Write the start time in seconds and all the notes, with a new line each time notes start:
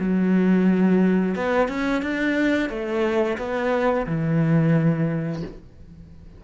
0.00 F#3
1.36 B3
1.69 C#4
2.03 D4
2.70 A3
3.38 B3
4.07 E3